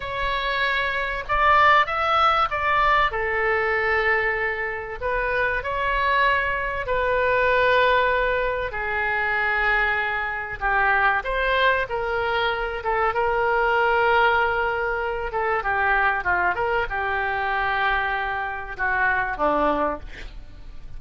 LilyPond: \new Staff \with { instrumentName = "oboe" } { \time 4/4 \tempo 4 = 96 cis''2 d''4 e''4 | d''4 a'2. | b'4 cis''2 b'4~ | b'2 gis'2~ |
gis'4 g'4 c''4 ais'4~ | ais'8 a'8 ais'2.~ | ais'8 a'8 g'4 f'8 ais'8 g'4~ | g'2 fis'4 d'4 | }